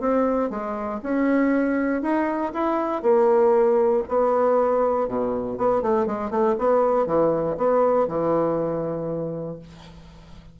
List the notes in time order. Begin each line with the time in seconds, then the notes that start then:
0.00 C4
0.50 G#3
1.02 C#4
2.02 D#4
2.53 E4
3.02 A#3
4.08 B3
5.08 B2
5.57 B3
5.82 A3
6.06 G#3
6.30 A3
6.58 B3
7.06 E3
7.57 B3
8.07 E3